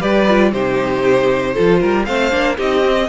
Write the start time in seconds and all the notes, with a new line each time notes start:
0.00 G3 G4 B4 D5
0.29 F4
0.53 C3 D#4 G4 C5
1.54 F3 F4 A4
1.81 G3 A#4
2.05 A3 C4 C5 F5
2.31 A#3 D4
2.57 C4 D#4 G4 D#5
2.85 C4